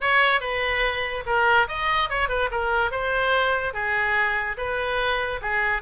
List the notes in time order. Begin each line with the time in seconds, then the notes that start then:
0.00 C#5
0.40 B4
1.26 A#4
1.67 D#5
2.09 C#5
2.29 B4
2.51 A#4
2.91 C5
3.73 G#4
4.57 B4
5.41 G#4